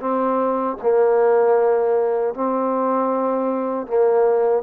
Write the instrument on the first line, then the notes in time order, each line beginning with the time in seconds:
trombone
0.00 C4
0.82 A#3
2.34 C4
3.86 A#3